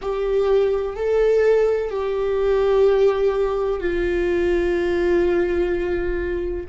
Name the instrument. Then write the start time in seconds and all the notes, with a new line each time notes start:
viola
0.01 G4
0.95 A4
1.90 G4
3.80 F4